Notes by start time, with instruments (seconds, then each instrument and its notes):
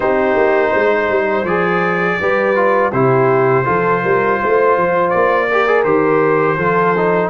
0.00 tuba C4, trombone D#4, horn G4, trumpet C5
0.36 tuba A#3
0.69 tuba G#3, horn C5
1.09 tuba G3
1.44 tuba F3, trombone G#4, trumpet D5
2.20 tuba G3, trombone G4, horn B4
2.55 trombone F4
2.92 tuba C3, trombone E4, horn G4, trumpet C5
3.64 tuba F3, trombone F4, horn A4
4.02 tuba G3, horn A#4
4.40 tuba A3, horn C5
4.76 tuba F3
5.10 tuba A#3, trumpet D5
5.49 trombone G4, horn A#4
5.66 trombone G#4
5.84 tuba D#3, trombone G4, trumpet C5
6.57 tuba F3, trombone F4, horn A4
6.96 trombone D#4